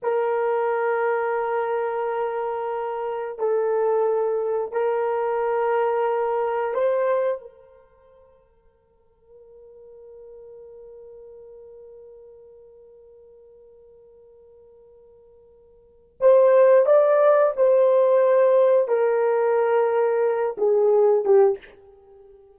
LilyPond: \new Staff \with { instrumentName = "horn" } { \time 4/4 \tempo 4 = 89 ais'1~ | ais'4 a'2 ais'4~ | ais'2 c''4 ais'4~ | ais'1~ |
ais'1~ | ais'1 | c''4 d''4 c''2 | ais'2~ ais'8 gis'4 g'8 | }